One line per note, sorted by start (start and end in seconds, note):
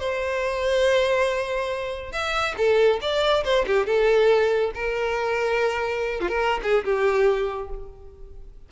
0.00 2.12 C5
2.12 2.55 E5
2.58 3.00 A4
3.02 3.44 D5
3.45 3.66 C5
3.67 3.86 G4
3.86 4.72 A4
4.75 6.21 A#4
6.21 6.29 F4
6.29 6.61 A#4
6.63 6.85 G#4
6.85 7.70 G4